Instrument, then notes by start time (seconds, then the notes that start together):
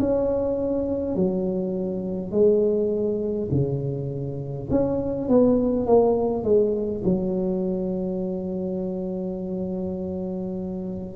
tuba
0.00 C#4
1.16 F#3
2.32 G#3
3.52 C#3
4.71 C#4
5.28 B3
5.87 A#3
6.44 G#3
7.05 F#3